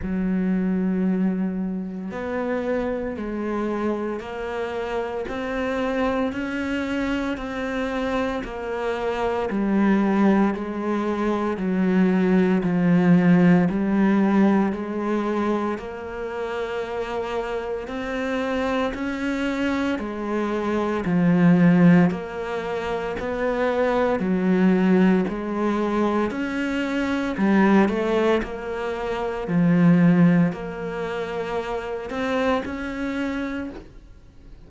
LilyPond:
\new Staff \with { instrumentName = "cello" } { \time 4/4 \tempo 4 = 57 fis2 b4 gis4 | ais4 c'4 cis'4 c'4 | ais4 g4 gis4 fis4 | f4 g4 gis4 ais4~ |
ais4 c'4 cis'4 gis4 | f4 ais4 b4 fis4 | gis4 cis'4 g8 a8 ais4 | f4 ais4. c'8 cis'4 | }